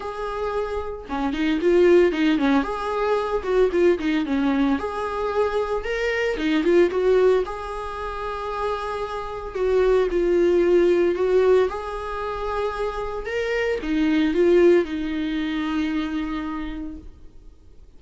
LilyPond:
\new Staff \with { instrumentName = "viola" } { \time 4/4 \tempo 4 = 113 gis'2 cis'8 dis'8 f'4 | dis'8 cis'8 gis'4. fis'8 f'8 dis'8 | cis'4 gis'2 ais'4 | dis'8 f'8 fis'4 gis'2~ |
gis'2 fis'4 f'4~ | f'4 fis'4 gis'2~ | gis'4 ais'4 dis'4 f'4 | dis'1 | }